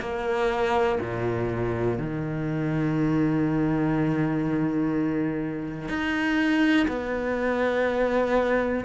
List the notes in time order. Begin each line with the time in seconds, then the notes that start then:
0.00 A#3
1.00 A#2
1.98 D#3
5.88 D#4
6.88 B3